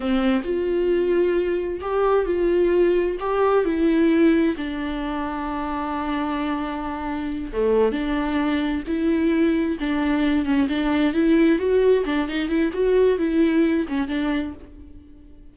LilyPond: \new Staff \with { instrumentName = "viola" } { \time 4/4 \tempo 4 = 132 c'4 f'2. | g'4 f'2 g'4 | e'2 d'2~ | d'1~ |
d'8 a4 d'2 e'8~ | e'4. d'4. cis'8 d'8~ | d'8 e'4 fis'4 d'8 dis'8 e'8 | fis'4 e'4. cis'8 d'4 | }